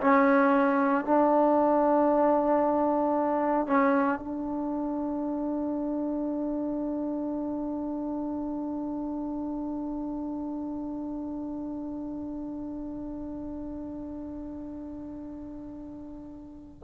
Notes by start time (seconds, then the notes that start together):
0.00 C#4
1.04 D4
3.67 C#4
4.19 D4